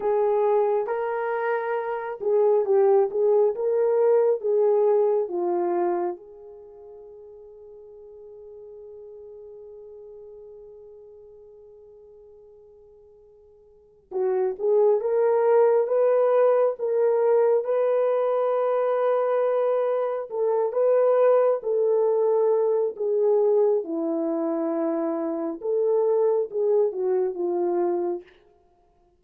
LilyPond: \new Staff \with { instrumentName = "horn" } { \time 4/4 \tempo 4 = 68 gis'4 ais'4. gis'8 g'8 gis'8 | ais'4 gis'4 f'4 gis'4~ | gis'1~ | gis'1 |
fis'8 gis'8 ais'4 b'4 ais'4 | b'2. a'8 b'8~ | b'8 a'4. gis'4 e'4~ | e'4 a'4 gis'8 fis'8 f'4 | }